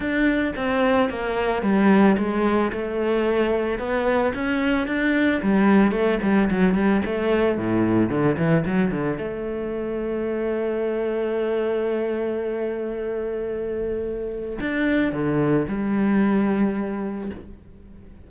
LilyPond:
\new Staff \with { instrumentName = "cello" } { \time 4/4 \tempo 4 = 111 d'4 c'4 ais4 g4 | gis4 a2 b4 | cis'4 d'4 g4 a8 g8 | fis8 g8 a4 a,4 d8 e8 |
fis8 d8 a2.~ | a1~ | a2. d'4 | d4 g2. | }